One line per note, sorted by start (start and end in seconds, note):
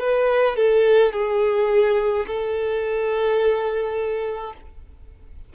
0.00 0.57 B4
0.57 1.13 A4
1.13 2.26 G#4
2.27 4.54 A4